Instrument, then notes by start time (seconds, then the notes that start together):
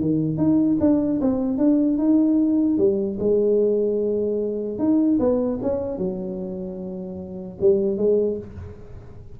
tuba
0.00 D#3
0.37 D#4
0.80 D4
1.21 C4
1.58 D4
1.98 D#4
2.78 G3
3.19 G#3
4.79 D#4
5.19 B3
5.62 C#4
5.98 F#3
7.61 G3
7.97 G#3